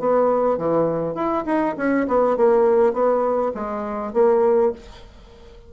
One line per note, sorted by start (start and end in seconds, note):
0.00 0.58 B3
0.58 1.15 E3
1.15 1.44 E4
1.46 1.75 D#4
1.78 2.07 C#4
2.08 2.37 B3
2.37 2.93 A#3
2.93 3.52 B3
3.55 4.13 G#3
4.14 4.73 A#3